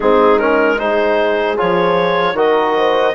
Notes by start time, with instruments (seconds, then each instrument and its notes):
0.00 bassoon G#3, trombone C4, horn D#4, clarinet G#4
0.39 trombone C#4, clarinet A#4
0.78 trombone D#4, horn G#4, clarinet C5
1.57 bassoon F3, trombone F4, clarinet C#5
2.33 bassoon D#3, trombone F#4, horn A#4, clarinet D#5
2.76 horn C5